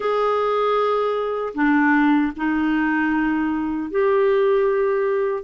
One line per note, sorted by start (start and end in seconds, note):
0.00 1.53 G#4
1.54 2.32 D4
2.36 3.90 D#4
3.90 5.43 G4